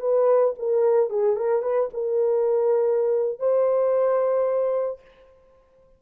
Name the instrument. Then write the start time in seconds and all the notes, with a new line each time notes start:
horn
0.00 B4
0.58 A#4
1.10 G#4
1.36 A#4
1.62 B4
1.93 A#4
3.39 C5